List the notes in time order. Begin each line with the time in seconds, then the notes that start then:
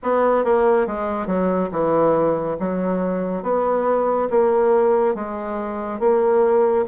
0.02 B3
0.44 A#3
0.86 G#3
1.27 F#3
1.71 E3
2.59 F#3
3.42 B3
4.30 A#3
5.14 G#3
5.99 A#3